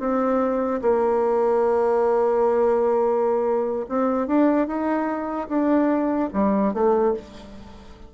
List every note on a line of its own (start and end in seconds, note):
0.00 0.81 C4
0.82 3.86 A#3
3.89 4.28 C4
4.28 4.67 D4
4.67 5.48 D#4
5.49 6.30 D4
6.34 6.74 G3
6.74 7.14 A3